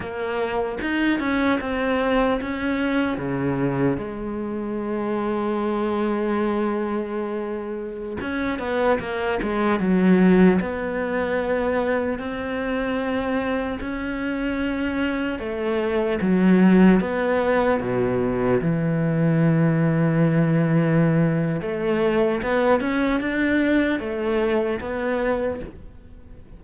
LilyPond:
\new Staff \with { instrumentName = "cello" } { \time 4/4 \tempo 4 = 75 ais4 dis'8 cis'8 c'4 cis'4 | cis4 gis2.~ | gis2~ gis16 cis'8 b8 ais8 gis16~ | gis16 fis4 b2 c'8.~ |
c'4~ c'16 cis'2 a8.~ | a16 fis4 b4 b,4 e8.~ | e2. a4 | b8 cis'8 d'4 a4 b4 | }